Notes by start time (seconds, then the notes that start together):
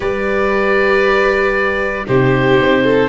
0.00 G3 G4 B4 D5
2.06 C3 D#4 G4 C5
2.60 C4
2.84 A4